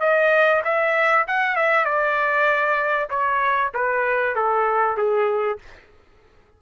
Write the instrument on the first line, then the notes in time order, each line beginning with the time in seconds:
trumpet
0.00 D#5
0.64 E5
1.27 F#5
1.55 E5
1.85 D5
3.10 C#5
3.74 B4
4.36 A4
4.97 G#4